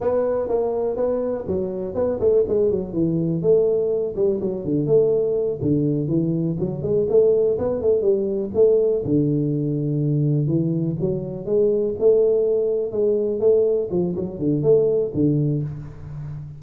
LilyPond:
\new Staff \with { instrumentName = "tuba" } { \time 4/4 \tempo 4 = 123 b4 ais4 b4 fis4 | b8 a8 gis8 fis8 e4 a4~ | a8 g8 fis8 d8 a4. d8~ | d8 e4 fis8 gis8 a4 b8 |
a8 g4 a4 d4.~ | d4. e4 fis4 gis8~ | gis8 a2 gis4 a8~ | a8 f8 fis8 d8 a4 d4 | }